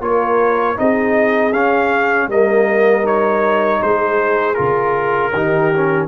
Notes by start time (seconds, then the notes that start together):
0.00 A#3 F4 A#4 C#5
0.76 C4 D#4 G#4 D#5
1.53 C#4 F5
2.28 G3 A#3 A#4 D#5
3.03 D#4 C#5
3.82 G#3 G#4 C5
4.55 C#3 F4 A#4
5.33 D#3 D#4 G4
5.74 C#4